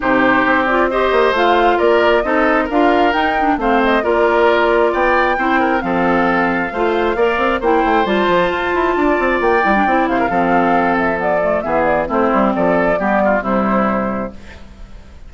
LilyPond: <<
  \new Staff \with { instrumentName = "flute" } { \time 4/4 \tempo 4 = 134 c''4. d''8 dis''4 f''4 | d''4 dis''4 f''4 g''4 | f''8 dis''8 d''2 g''4~ | g''4 f''2.~ |
f''4 g''4 a''2~ | a''4 g''4. f''4.~ | f''8 e''8 d''4 e''8 d''8 c''4 | d''2 c''2 | }
  \new Staff \with { instrumentName = "oboe" } { \time 4/4 g'2 c''2 | ais'4 a'4 ais'2 | c''4 ais'2 d''4 | c''8 ais'8 a'2 c''4 |
d''4 c''2. | d''2~ d''8 c''16 ais'16 a'4~ | a'2 gis'4 e'4 | a'4 g'8 f'8 e'2 | }
  \new Staff \with { instrumentName = "clarinet" } { \time 4/4 dis'4. f'8 g'4 f'4~ | f'4 dis'4 f'4 dis'8 d'8 | c'4 f'2. | e'4 c'2 f'4 |
ais'4 e'4 f'2~ | f'4. e'16 d'16 e'4 c'4~ | c'4 b8 a8 b4 c'4~ | c'4 b4 g2 | }
  \new Staff \with { instrumentName = "bassoon" } { \time 4/4 c4 c'4. ais8 a4 | ais4 c'4 d'4 dis'4 | a4 ais2 b4 | c'4 f2 a4 |
ais8 c'8 ais8 a8 g8 f8 f'8 e'8 | d'8 c'8 ais8 g8 c'8 c8 f4~ | f2 e4 a8 g8 | f4 g4 c2 | }
>>